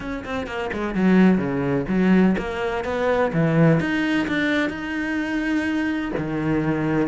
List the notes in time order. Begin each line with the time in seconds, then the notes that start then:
0.00 C#4
0.24 C4
0.46 A#3
0.73 G#3
0.94 F#3
1.38 C#3
1.88 F#3
2.38 A#3
2.84 B3
3.33 E3
3.80 D#4
4.27 D4
4.69 D#4
6.17 D#3